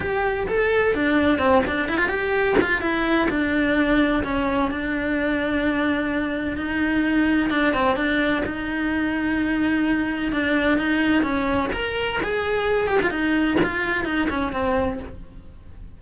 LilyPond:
\new Staff \with { instrumentName = "cello" } { \time 4/4 \tempo 4 = 128 g'4 a'4 d'4 c'8 d'8 | e'16 f'16 g'4 f'8 e'4 d'4~ | d'4 cis'4 d'2~ | d'2 dis'2 |
d'8 c'8 d'4 dis'2~ | dis'2 d'4 dis'4 | cis'4 ais'4 gis'4. g'16 f'16 | dis'4 f'4 dis'8 cis'8 c'4 | }